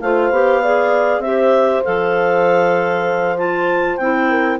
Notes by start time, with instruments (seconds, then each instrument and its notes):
0.00 bassoon A3, clarinet F4 F5, horn C5
0.30 bassoon B3, clarinet G4
0.62 clarinet G#4, horn D5
1.18 bassoon C4, clarinet G4 E5
1.25 horn C5
1.84 bassoon F3, clarinet A4 F5
3.36 clarinet F4 A5
3.97 bassoon C4, clarinet E4 G5
4.29 horn A#4